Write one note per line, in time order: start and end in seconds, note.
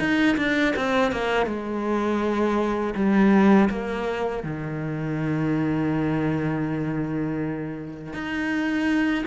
0.00 0.37 D#4
0.38 0.75 D4
0.77 1.12 C4
1.12 1.47 A#3
1.47 2.95 G#3
2.95 3.69 G3
3.70 4.44 A#3
4.44 8.14 D#3
8.14 9.25 D#4